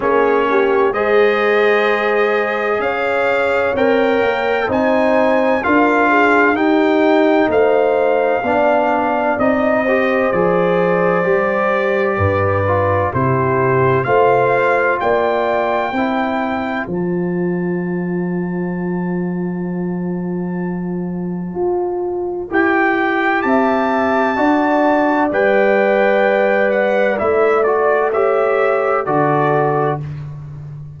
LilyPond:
<<
  \new Staff \with { instrumentName = "trumpet" } { \time 4/4 \tempo 4 = 64 cis''4 dis''2 f''4 | g''4 gis''4 f''4 g''4 | f''2 dis''4 d''4~ | d''2 c''4 f''4 |
g''2 a''2~ | a''1 | g''4 a''2 g''4~ | g''8 fis''8 e''8 d''8 e''4 d''4 | }
  \new Staff \with { instrumentName = "horn" } { \time 4/4 gis'8 g'8 c''2 cis''4~ | cis''4 c''4 ais'8 gis'8 g'4 | c''4 d''4. c''4.~ | c''4 b'4 g'4 c''4 |
d''4 c''2.~ | c''1~ | c''4 e''4 d''2~ | d''2 cis''4 a'4 | }
  \new Staff \with { instrumentName = "trombone" } { \time 4/4 cis'4 gis'2. | ais'4 dis'4 f'4 dis'4~ | dis'4 d'4 dis'8 g'8 gis'4 | g'4. f'8 e'4 f'4~ |
f'4 e'4 f'2~ | f'1 | g'2 fis'4 b'4~ | b'4 e'8 fis'8 g'4 fis'4 | }
  \new Staff \with { instrumentName = "tuba" } { \time 4/4 ais4 gis2 cis'4 | c'8 ais8 c'4 d'4 dis'4 | a4 b4 c'4 f4 | g4 g,4 c4 a4 |
ais4 c'4 f2~ | f2. f'4 | e'4 c'4 d'4 g4~ | g4 a2 d4 | }
>>